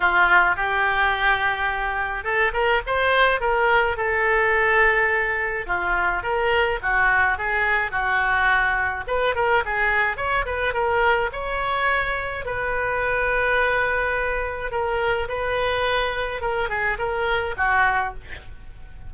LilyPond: \new Staff \with { instrumentName = "oboe" } { \time 4/4 \tempo 4 = 106 f'4 g'2. | a'8 ais'8 c''4 ais'4 a'4~ | a'2 f'4 ais'4 | fis'4 gis'4 fis'2 |
b'8 ais'8 gis'4 cis''8 b'8 ais'4 | cis''2 b'2~ | b'2 ais'4 b'4~ | b'4 ais'8 gis'8 ais'4 fis'4 | }